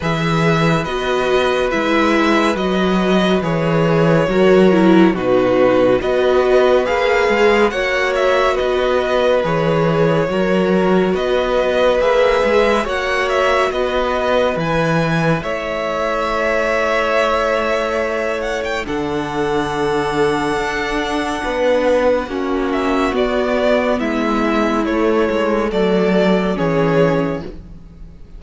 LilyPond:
<<
  \new Staff \with { instrumentName = "violin" } { \time 4/4 \tempo 4 = 70 e''4 dis''4 e''4 dis''4 | cis''2 b'4 dis''4 | f''4 fis''8 e''8 dis''4 cis''4~ | cis''4 dis''4 e''4 fis''8 e''8 |
dis''4 gis''4 e''2~ | e''4. fis''16 g''16 fis''2~ | fis''2~ fis''8 e''8 d''4 | e''4 cis''4 d''4 cis''4 | }
  \new Staff \with { instrumentName = "violin" } { \time 4/4 b'1~ | b'4 ais'4 fis'4 b'4~ | b'4 cis''4 b'2 | ais'4 b'2 cis''4 |
b'2 cis''2~ | cis''2 a'2~ | a'4 b'4 fis'2 | e'2 a'4 gis'4 | }
  \new Staff \with { instrumentName = "viola" } { \time 4/4 gis'4 fis'4 e'4 fis'4 | gis'4 fis'8 e'8 dis'4 fis'4 | gis'4 fis'2 gis'4 | fis'2 gis'4 fis'4~ |
fis'4 e'2.~ | e'2 d'2~ | d'2 cis'4 b4~ | b4 a2 cis'4 | }
  \new Staff \with { instrumentName = "cello" } { \time 4/4 e4 b4 gis4 fis4 | e4 fis4 b,4 b4 | ais8 gis8 ais4 b4 e4 | fis4 b4 ais8 gis8 ais4 |
b4 e4 a2~ | a2 d2 | d'4 b4 ais4 b4 | gis4 a8 gis8 fis4 e4 | }
>>